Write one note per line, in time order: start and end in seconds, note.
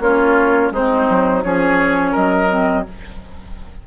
0.00 0.71 A#3
0.00 0.74 C#4
0.00 0.73 F4
0.00 0.72 C#5
0.71 1.07 G#3
0.71 1.43 C4
0.71 1.44 D#4
0.71 1.43 C5
1.10 1.44 F#3
1.43 2.16 F3
1.43 2.49 C#4
1.43 2.12 G#4
1.43 2.15 C#5
2.12 2.87 F#3
2.12 2.83 A#4
2.12 2.86 D#5
2.49 2.84 C4